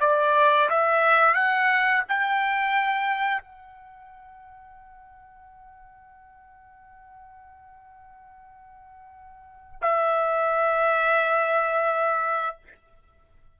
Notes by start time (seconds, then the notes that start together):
0.00 D5
0.69 E5
1.34 F#5
2.08 G5
3.42 F#5
9.82 E5